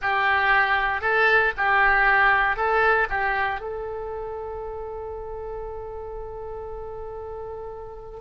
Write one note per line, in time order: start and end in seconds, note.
0.01 1.01 G4
1.01 1.52 A4
1.57 2.56 G4
2.56 3.07 A4
3.09 3.60 G4
3.60 8.20 A4